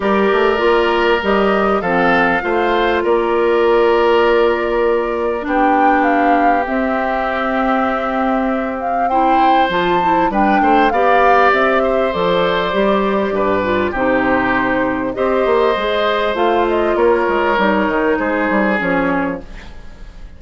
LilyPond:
<<
  \new Staff \with { instrumentName = "flute" } { \time 4/4 \tempo 4 = 99 d''2 dis''4 f''4~ | f''4 d''2.~ | d''4 g''4 f''4 e''4~ | e''2~ e''8 f''8 g''4 |
a''4 g''4 f''4 e''4 | d''2. c''4~ | c''4 dis''2 f''8 dis''8 | cis''2 c''4 cis''4 | }
  \new Staff \with { instrumentName = "oboe" } { \time 4/4 ais'2. a'4 | c''4 ais'2.~ | ais'4 g'2.~ | g'2. c''4~ |
c''4 b'8 c''8 d''4. c''8~ | c''2 b'4 g'4~ | g'4 c''2. | ais'2 gis'2 | }
  \new Staff \with { instrumentName = "clarinet" } { \time 4/4 g'4 f'4 g'4 c'4 | f'1~ | f'4 d'2 c'4~ | c'2. e'4 |
f'8 e'8 d'4 g'2 | a'4 g'4. f'8 dis'4~ | dis'4 g'4 gis'4 f'4~ | f'4 dis'2 cis'4 | }
  \new Staff \with { instrumentName = "bassoon" } { \time 4/4 g8 a8 ais4 g4 f4 | a4 ais2.~ | ais4 b2 c'4~ | c'1 |
f4 g8 a8 b4 c'4 | f4 g4 g,4 c4~ | c4 c'8 ais8 gis4 a4 | ais8 gis8 g8 dis8 gis8 g8 f4 | }
>>